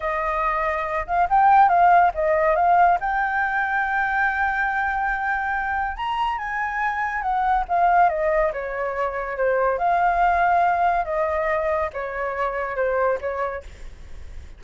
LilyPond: \new Staff \with { instrumentName = "flute" } { \time 4/4 \tempo 4 = 141 dis''2~ dis''8 f''8 g''4 | f''4 dis''4 f''4 g''4~ | g''1~ | g''2 ais''4 gis''4~ |
gis''4 fis''4 f''4 dis''4 | cis''2 c''4 f''4~ | f''2 dis''2 | cis''2 c''4 cis''4 | }